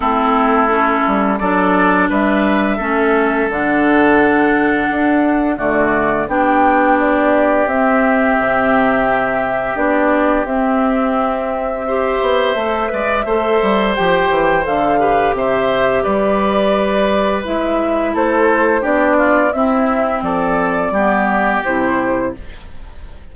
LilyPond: <<
  \new Staff \with { instrumentName = "flute" } { \time 4/4 \tempo 4 = 86 a'2 d''4 e''4~ | e''4 fis''2. | d''4 g''4 d''4 e''4~ | e''2 d''4 e''4~ |
e''1 | g''4 f''4 e''4 d''4~ | d''4 e''4 c''4 d''4 | e''4 d''2 c''4 | }
  \new Staff \with { instrumentName = "oboe" } { \time 4/4 e'2 a'4 b'4 | a'1 | fis'4 g'2.~ | g'1~ |
g'4 c''4. d''8 c''4~ | c''4. b'8 c''4 b'4~ | b'2 a'4 g'8 f'8 | e'4 a'4 g'2 | }
  \new Staff \with { instrumentName = "clarinet" } { \time 4/4 c'4 cis'4 d'2 | cis'4 d'2. | a4 d'2 c'4~ | c'2 d'4 c'4~ |
c'4 g'4 a'8 b'8 a'4 | g'4 a'8 g'2~ g'8~ | g'4 e'2 d'4 | c'2 b4 e'4 | }
  \new Staff \with { instrumentName = "bassoon" } { \time 4/4 a4. g8 fis4 g4 | a4 d2 d'4 | d4 b2 c'4 | c2 b4 c'4~ |
c'4. b8 a8 gis8 a8 g8 | f8 e8 d4 c4 g4~ | g4 gis4 a4 b4 | c'4 f4 g4 c4 | }
>>